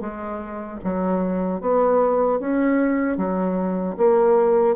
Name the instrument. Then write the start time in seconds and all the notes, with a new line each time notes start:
bassoon
0.00 G#3
0.84 F#3
1.60 B3
2.39 C#4
3.17 F#3
3.97 A#3